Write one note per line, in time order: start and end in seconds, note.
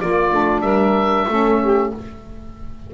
0.00 0.32 A#3
0.00 0.33 A#3
0.00 0.63 F4
0.00 0.61 D5
0.32 0.61 A3
0.32 1.28 D4
0.61 1.26 G3
0.61 1.27 A#4
0.61 1.90 E5
1.28 1.92 A3
1.28 1.94 C#4
1.28 1.61 A4
1.62 1.94 G4